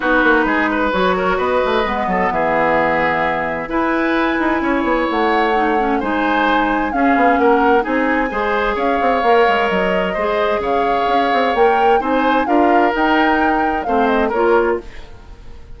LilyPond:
<<
  \new Staff \with { instrumentName = "flute" } { \time 4/4 \tempo 4 = 130 b'2 cis''4 dis''4~ | dis''4 e''2. | gis''2. fis''4~ | fis''4 gis''2 f''4 |
fis''4 gis''2 f''4~ | f''4 dis''2 f''4~ | f''4 g''4 gis''4 f''4 | g''2 f''8 dis''8 cis''4 | }
  \new Staff \with { instrumentName = "oboe" } { \time 4/4 fis'4 gis'8 b'4 ais'8 b'4~ | b'8 a'8 gis'2. | b'2 cis''2~ | cis''4 c''2 gis'4 |
ais'4 gis'4 c''4 cis''4~ | cis''2 c''4 cis''4~ | cis''2 c''4 ais'4~ | ais'2 c''4 ais'4 | }
  \new Staff \with { instrumentName = "clarinet" } { \time 4/4 dis'2 fis'2 | b1 | e'1 | dis'8 cis'8 dis'2 cis'4~ |
cis'4 dis'4 gis'2 | ais'2 gis'2~ | gis'4 ais'4 dis'4 f'4 | dis'2 c'4 f'4 | }
  \new Staff \with { instrumentName = "bassoon" } { \time 4/4 b8 ais8 gis4 fis4 b8 a8 | gis8 fis8 e2. | e'4. dis'8 cis'8 b8 a4~ | a4 gis2 cis'8 b8 |
ais4 c'4 gis4 cis'8 c'8 | ais8 gis8 fis4 gis4 cis4 | cis'8 c'8 ais4 c'4 d'4 | dis'2 a4 ais4 | }
>>